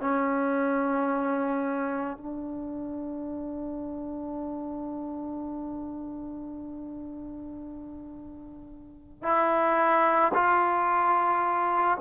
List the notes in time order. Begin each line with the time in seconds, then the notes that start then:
0.00 C#4
2.17 D4
9.23 E4
10.34 F4